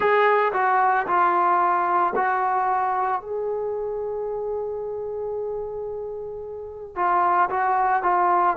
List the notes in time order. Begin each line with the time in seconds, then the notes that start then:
0.00 G#4
0.52 F#4
1.06 F4
2.15 F#4
3.21 G#4
6.95 F4
7.50 F#4
8.03 F4